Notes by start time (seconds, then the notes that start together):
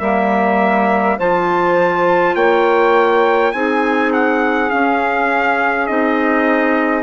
0.00 G3 A#3 A#4 E5
1.18 F3 F4 C5 A5
2.35 A#3 C#5 G5
3.53 C4 D#4 G#4 G#5
4.13 F#5
4.71 C#4 F5
5.87 C4 D#4 D#5